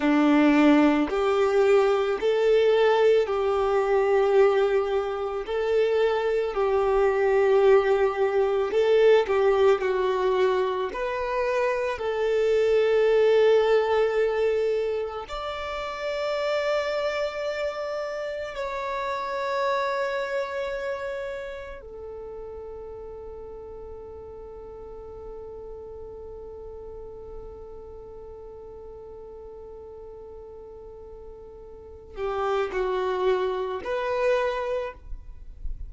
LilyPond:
\new Staff \with { instrumentName = "violin" } { \time 4/4 \tempo 4 = 55 d'4 g'4 a'4 g'4~ | g'4 a'4 g'2 | a'8 g'8 fis'4 b'4 a'4~ | a'2 d''2~ |
d''4 cis''2. | a'1~ | a'1~ | a'4. g'8 fis'4 b'4 | }